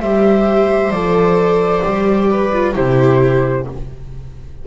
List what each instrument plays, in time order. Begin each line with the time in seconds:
0.00 double bass G3, viola G4 C5, flute E5
0.90 double bass F3, viola A4, flute D5
1.83 double bass G3, viola G4
2.30 viola B4
2.53 viola F4
2.74 double bass C3, viola E4 G4, flute C5